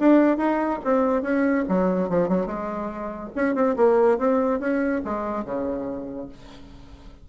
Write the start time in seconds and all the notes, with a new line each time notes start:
0.00 D4
0.38 D#4
0.85 C4
1.22 C#4
1.69 F#3
2.10 F3
2.29 F#3
2.47 G#3
3.36 C#4
3.55 C4
3.77 A#3
4.18 C4
4.60 C#4
5.05 G#3
5.45 C#3